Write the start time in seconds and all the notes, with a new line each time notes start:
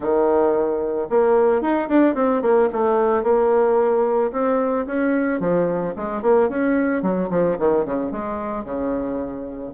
0.00 D#3
1.09 A#3
1.61 D#4
1.88 D4
2.14 C4
2.42 A#3
2.72 A3
3.23 A#3
4.31 C4
4.86 C#4
5.40 F3
5.96 G#3
6.22 A#3
6.49 C#4
7.02 F#3
7.30 F3
7.58 D#3
7.85 C#3
8.11 G#3
8.64 C#3